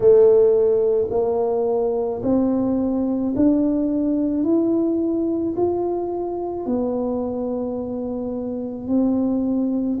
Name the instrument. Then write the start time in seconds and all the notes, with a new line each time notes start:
tuba
0.00 A3
1.10 A#3
2.22 C4
3.36 D4
4.43 E4
5.56 F4
6.66 B3
8.87 C4